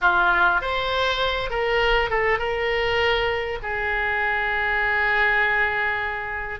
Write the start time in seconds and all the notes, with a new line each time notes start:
0.01 F4
0.61 C5
1.49 A#4
2.10 A4
2.38 A#4
3.62 G#4